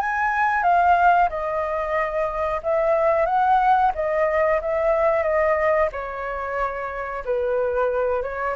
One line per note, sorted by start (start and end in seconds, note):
0.00 0.63 G#5
0.63 1.29 F5
1.29 2.61 D#5
2.63 3.26 E5
3.26 3.92 F#5
3.95 4.61 D#5
4.61 5.23 E5
5.23 5.89 D#5
5.92 7.24 C#5
7.25 8.23 B4
8.23 8.56 C#5